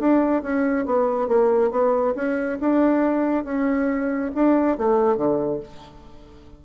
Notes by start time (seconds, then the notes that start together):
0.00 D4
0.43 C#4
0.86 B3
1.28 A#3
1.72 B3
2.16 C#4
2.61 D4
3.45 C#4
4.35 D4
4.78 A3
5.17 D3